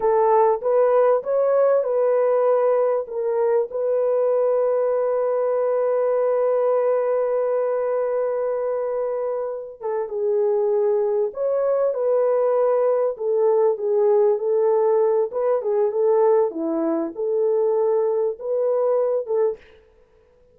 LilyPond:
\new Staff \with { instrumentName = "horn" } { \time 4/4 \tempo 4 = 98 a'4 b'4 cis''4 b'4~ | b'4 ais'4 b'2~ | b'1~ | b'1 |
a'8 gis'2 cis''4 b'8~ | b'4. a'4 gis'4 a'8~ | a'4 b'8 gis'8 a'4 e'4 | a'2 b'4. a'8 | }